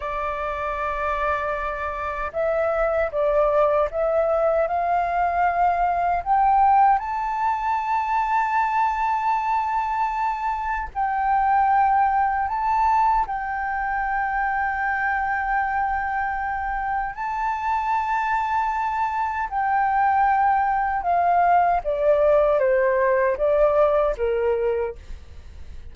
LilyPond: \new Staff \with { instrumentName = "flute" } { \time 4/4 \tempo 4 = 77 d''2. e''4 | d''4 e''4 f''2 | g''4 a''2.~ | a''2 g''2 |
a''4 g''2.~ | g''2 a''2~ | a''4 g''2 f''4 | d''4 c''4 d''4 ais'4 | }